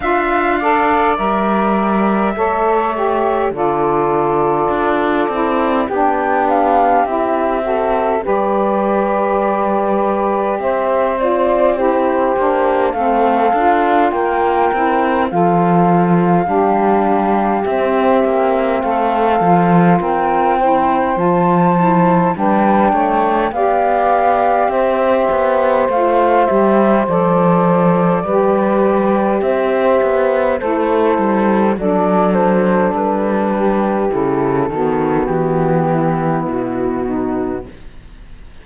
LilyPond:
<<
  \new Staff \with { instrumentName = "flute" } { \time 4/4 \tempo 4 = 51 f''4 e''2 d''4~ | d''4 g''8 f''8 e''4 d''4~ | d''4 e''8 d''8 c''4 f''4 | g''4 f''2 e''4 |
f''4 g''4 a''4 g''4 | f''4 e''4 f''8 e''8 d''4~ | d''4 e''4 c''4 d''8 c''8 | b'4 a'4 g'4 fis'4 | }
  \new Staff \with { instrumentName = "saxophone" } { \time 4/4 e''8 d''4. cis''4 a'4~ | a'4 g'4. a'8 b'4~ | b'4 c''4 g'4 a'4 | ais'4 a'4 g'2 |
a'4 ais'8 c''4. b'8 cis''8 | d''4 c''2. | b'4 c''4 e'4 a'4~ | a'8 g'4 fis'4 e'4 dis'8 | }
  \new Staff \with { instrumentName = "saxophone" } { \time 4/4 f'8 a'8 ais'4 a'8 g'8 f'4~ | f'8 e'8 d'4 e'8 fis'8 g'4~ | g'4. f'8 e'8 d'8 c'8 f'8~ | f'8 e'8 f'4 d'4 c'4~ |
c'8 f'4 e'8 f'8 e'8 d'4 | g'2 f'8 g'8 a'4 | g'2 a'4 d'4~ | d'4 e'8 b2~ b8 | }
  \new Staff \with { instrumentName = "cello" } { \time 4/4 d'4 g4 a4 d4 | d'8 c'8 b4 c'4 g4~ | g4 c'4. ais8 a8 d'8 | ais8 c'8 f4 g4 c'8 ais8 |
a8 f8 c'4 f4 g8 a8 | b4 c'8 b8 a8 g8 f4 | g4 c'8 b8 a8 g8 fis4 | g4 cis8 dis8 e4 b,4 | }
>>